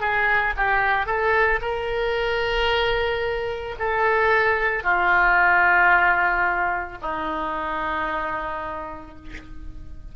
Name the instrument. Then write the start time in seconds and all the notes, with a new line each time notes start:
oboe
0.00 G#4
0.56 G4
1.06 A4
1.61 A#4
3.79 A4
4.83 F4
7.01 D#4